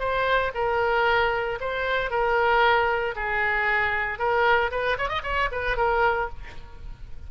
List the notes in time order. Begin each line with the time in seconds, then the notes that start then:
0.00 C5
0.55 A#4
1.61 C5
2.11 A#4
3.16 G#4
4.19 A#4
4.72 B4
4.98 C#5
5.09 D#5
5.24 C#5
5.52 B4
5.77 A#4